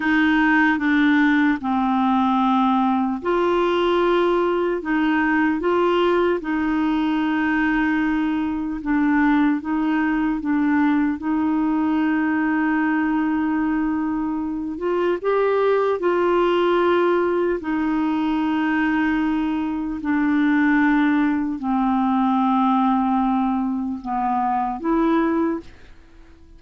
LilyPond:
\new Staff \with { instrumentName = "clarinet" } { \time 4/4 \tempo 4 = 75 dis'4 d'4 c'2 | f'2 dis'4 f'4 | dis'2. d'4 | dis'4 d'4 dis'2~ |
dis'2~ dis'8 f'8 g'4 | f'2 dis'2~ | dis'4 d'2 c'4~ | c'2 b4 e'4 | }